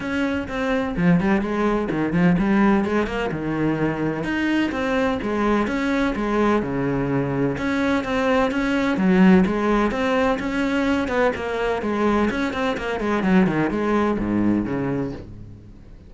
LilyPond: \new Staff \with { instrumentName = "cello" } { \time 4/4 \tempo 4 = 127 cis'4 c'4 f8 g8 gis4 | dis8 f8 g4 gis8 ais8 dis4~ | dis4 dis'4 c'4 gis4 | cis'4 gis4 cis2 |
cis'4 c'4 cis'4 fis4 | gis4 c'4 cis'4. b8 | ais4 gis4 cis'8 c'8 ais8 gis8 | fis8 dis8 gis4 gis,4 cis4 | }